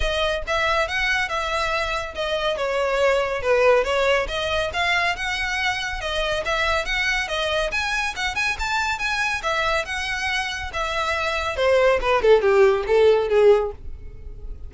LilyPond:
\new Staff \with { instrumentName = "violin" } { \time 4/4 \tempo 4 = 140 dis''4 e''4 fis''4 e''4~ | e''4 dis''4 cis''2 | b'4 cis''4 dis''4 f''4 | fis''2 dis''4 e''4 |
fis''4 dis''4 gis''4 fis''8 gis''8 | a''4 gis''4 e''4 fis''4~ | fis''4 e''2 c''4 | b'8 a'8 g'4 a'4 gis'4 | }